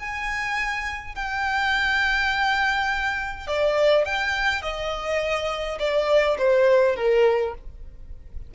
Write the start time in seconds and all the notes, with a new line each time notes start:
0.00 G#5
1.16 G5
3.48 D5
4.06 G5
4.62 D#5
5.80 D5
6.38 C5
6.97 A#4